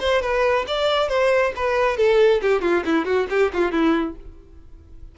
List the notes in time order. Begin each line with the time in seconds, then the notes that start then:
0.00 C5
0.22 B4
0.67 D5
1.09 C5
1.56 B4
1.97 A4
2.42 G4
2.62 F4
2.86 E4
3.05 F#4
3.30 G4
3.54 F4
3.72 E4